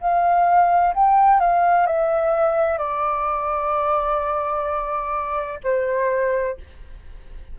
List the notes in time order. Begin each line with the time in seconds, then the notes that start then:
0.00 F5
0.94 G5
1.40 F5
1.86 E5
2.78 D5
5.63 C5